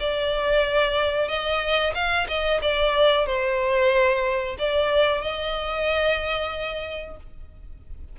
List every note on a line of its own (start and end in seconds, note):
0.00 1.28 D5
1.28 1.94 D#5
1.95 2.27 F5
2.28 2.61 D#5
2.62 3.26 D5
3.26 4.57 C5
4.59 5.21 D5
5.21 7.17 D#5